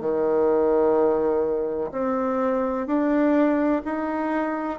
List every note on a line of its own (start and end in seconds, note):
0.00 1.90 D#3
1.91 2.87 C4
2.87 3.82 D4
3.85 4.79 D#4